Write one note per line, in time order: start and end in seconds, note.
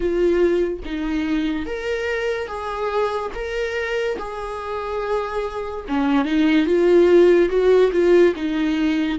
0.00 0.79 F4
0.84 1.66 D#4
1.66 2.47 A#4
2.47 3.31 G#4
3.34 4.17 A#4
4.18 5.85 G#4
5.88 6.25 C#4
6.25 6.66 D#4
6.66 7.48 F4
7.48 7.90 F#4
7.92 8.33 F4
8.35 9.19 D#4